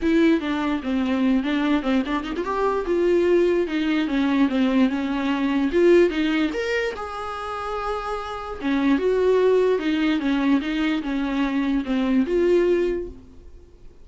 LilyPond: \new Staff \with { instrumentName = "viola" } { \time 4/4 \tempo 4 = 147 e'4 d'4 c'4. d'8~ | d'8 c'8 d'8 dis'16 f'16 g'4 f'4~ | f'4 dis'4 cis'4 c'4 | cis'2 f'4 dis'4 |
ais'4 gis'2.~ | gis'4 cis'4 fis'2 | dis'4 cis'4 dis'4 cis'4~ | cis'4 c'4 f'2 | }